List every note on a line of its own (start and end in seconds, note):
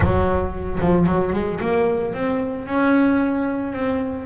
0.00 0.78 F#3
0.80 1.06 F3
1.06 1.33 F#3
1.33 1.59 G#3
1.60 2.13 A#3
2.13 2.66 C4
2.66 3.72 C#4
3.72 4.26 C4